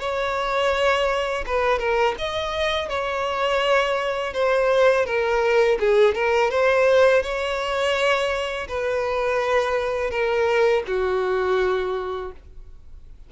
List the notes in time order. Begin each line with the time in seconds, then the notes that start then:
0.00 C#5
1.47 B4
1.79 A#4
2.19 D#5
2.89 C#5
4.34 C5
5.06 A#4
5.80 G#4
6.15 A#4
6.51 C5
7.23 C#5
8.68 B4
10.11 A#4
10.87 F#4